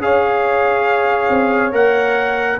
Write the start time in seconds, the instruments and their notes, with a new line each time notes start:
0.00 tuba C#4, trombone G#4, horn C#5, trumpet F5
1.30 tuba C4
1.72 tuba A#3, trombone A#4, trumpet F#5